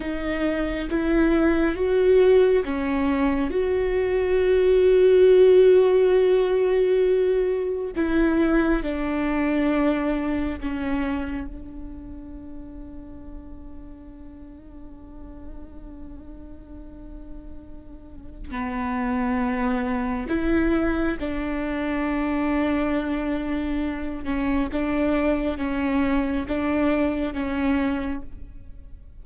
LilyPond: \new Staff \with { instrumentName = "viola" } { \time 4/4 \tempo 4 = 68 dis'4 e'4 fis'4 cis'4 | fis'1~ | fis'4 e'4 d'2 | cis'4 d'2.~ |
d'1~ | d'4 b2 e'4 | d'2.~ d'8 cis'8 | d'4 cis'4 d'4 cis'4 | }